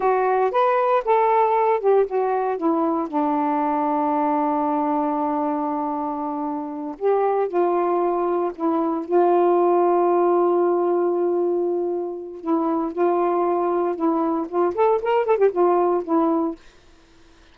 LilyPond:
\new Staff \with { instrumentName = "saxophone" } { \time 4/4 \tempo 4 = 116 fis'4 b'4 a'4. g'8 | fis'4 e'4 d'2~ | d'1~ | d'4. g'4 f'4.~ |
f'8 e'4 f'2~ f'8~ | f'1 | e'4 f'2 e'4 | f'8 a'8 ais'8 a'16 g'16 f'4 e'4 | }